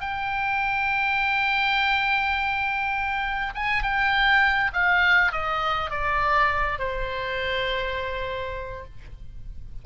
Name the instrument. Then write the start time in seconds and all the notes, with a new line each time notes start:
oboe
0.00 G5
3.55 G#5
3.83 G5
4.73 F5
5.32 D#5
5.90 D5
6.79 C5